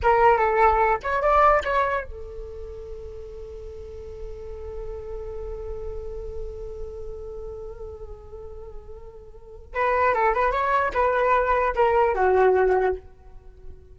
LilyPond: \new Staff \with { instrumentName = "flute" } { \time 4/4 \tempo 4 = 148 ais'4 a'4. cis''8 d''4 | cis''4 a'2.~ | a'1~ | a'1~ |
a'1~ | a'1 | b'4 a'8 b'8 cis''4 b'4~ | b'4 ais'4 fis'2 | }